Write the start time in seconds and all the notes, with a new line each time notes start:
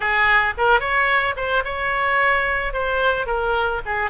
0.00 G#4
0.57 A#4
0.80 C#5
1.36 C5
1.64 C#5
2.73 C5
3.26 A#4
3.85 G#4